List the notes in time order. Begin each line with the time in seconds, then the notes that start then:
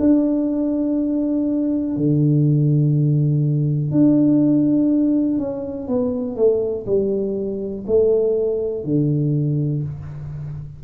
0.00 D4
1.97 D3
3.92 D4
5.39 C#4
5.88 B3
6.36 A3
6.87 G3
7.87 A3
8.85 D3